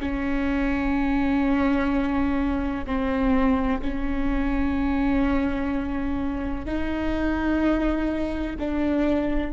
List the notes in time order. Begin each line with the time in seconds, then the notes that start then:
0.00 C#4
2.86 C4
3.82 C#4
6.66 D#4
8.59 D4